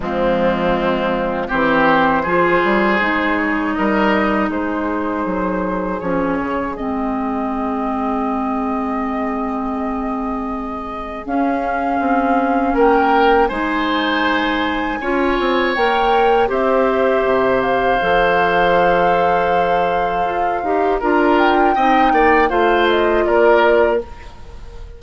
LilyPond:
<<
  \new Staff \with { instrumentName = "flute" } { \time 4/4 \tempo 4 = 80 f'2 c''2~ | c''8 cis''8 dis''4 c''2 | cis''4 dis''2.~ | dis''2. f''4~ |
f''4 g''4 gis''2~ | gis''4 g''4 e''4. f''8~ | f''1 | ais''8 g''4. f''8 dis''8 d''4 | }
  \new Staff \with { instrumentName = "oboe" } { \time 4/4 c'2 g'4 gis'4~ | gis'4 ais'4 gis'2~ | gis'1~ | gis'1~ |
gis'4 ais'4 c''2 | cis''2 c''2~ | c''1 | ais'4 dis''8 d''8 c''4 ais'4 | }
  \new Staff \with { instrumentName = "clarinet" } { \time 4/4 gis2 c'4 f'4 | dis'1 | cis'4 c'2.~ | c'2. cis'4~ |
cis'2 dis'2 | f'4 ais'4 g'2 | a'2.~ a'8 g'8 | f'4 dis'4 f'2 | }
  \new Staff \with { instrumentName = "bassoon" } { \time 4/4 f2 e4 f8 g8 | gis4 g4 gis4 fis4 | f8 cis8 gis2.~ | gis2. cis'4 |
c'4 ais4 gis2 | cis'8 c'8 ais4 c'4 c4 | f2. f'8 dis'8 | d'4 c'8 ais8 a4 ais4 | }
>>